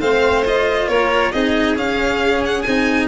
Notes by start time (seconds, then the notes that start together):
0.00 A3 C4 C5 F5
0.45 F4 D#5
0.88 A#3 A#4 C#5
1.32 C4 D#4 G#4 D#5
1.75 C#4 F5
2.45 F#5
2.62 C4 D#4 G#5